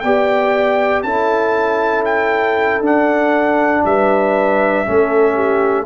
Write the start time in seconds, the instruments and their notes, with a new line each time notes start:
0.00 tuba B3, trombone G4, horn D5, trumpet G5
1.03 tuba C#4, trombone E4, horn A4, trumpet A5
2.05 trumpet G5
2.80 tuba D4, trombone D4, trumpet F#5
3.85 tuba G3, horn B4, trumpet E5
4.86 tuba A3, trombone C#4, horn A4
5.35 horn G4